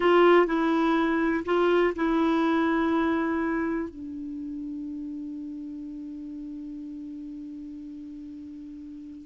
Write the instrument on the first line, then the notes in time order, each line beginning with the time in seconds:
clarinet
0.00 F4
0.46 E4
1.45 F4
1.95 E4
3.89 D4